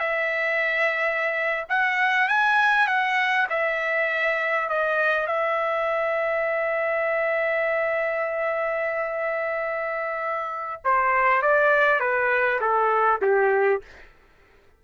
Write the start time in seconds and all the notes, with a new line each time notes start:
0.00 E5
1.69 F#5
2.29 G#5
2.88 F#5
3.50 E5
4.69 D#5
5.27 E5
10.85 C5
11.42 D5
12.00 B4
12.61 A4
13.22 G4